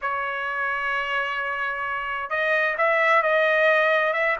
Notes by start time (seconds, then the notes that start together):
0.01 C#5
2.30 D#5
2.77 E5
3.22 D#5
4.13 E5